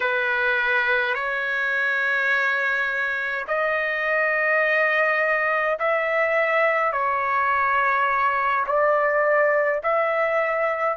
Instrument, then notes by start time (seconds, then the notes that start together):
trumpet
0.00 B4
1.14 C#5
3.47 D#5
5.79 E5
6.92 C#5
8.66 D5
9.83 E5